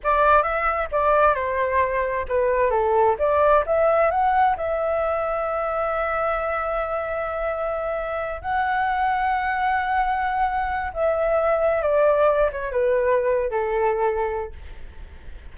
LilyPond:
\new Staff \with { instrumentName = "flute" } { \time 4/4 \tempo 4 = 132 d''4 e''4 d''4 c''4~ | c''4 b'4 a'4 d''4 | e''4 fis''4 e''2~ | e''1~ |
e''2~ e''8 fis''4.~ | fis''1 | e''2 d''4. cis''8 | b'4.~ b'16 a'2~ a'16 | }